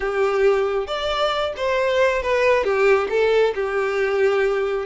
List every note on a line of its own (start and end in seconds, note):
0.00 0.87 G4
0.87 1.53 D5
1.56 2.22 C5
2.22 2.64 B4
2.64 3.08 G4
3.09 3.53 A4
3.54 4.85 G4